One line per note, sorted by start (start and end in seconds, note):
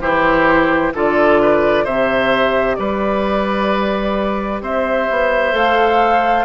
0.00 0.92 E3
0.00 0.93 E4
0.00 0.93 G4
0.00 0.92 C5
0.93 1.85 D3
0.93 1.86 F4
0.93 1.41 A4
0.93 1.85 D5
1.42 1.84 B4
1.84 2.77 C3
1.84 5.52 G4
1.84 2.76 C5
1.84 2.75 E5
2.75 4.61 G3
2.75 4.62 B4
2.75 4.59 D5
4.61 5.07 C4
4.61 6.45 C5
4.61 5.56 E5
5.10 5.53 B3
5.52 6.45 A3
5.52 6.44 A4
5.52 6.45 F5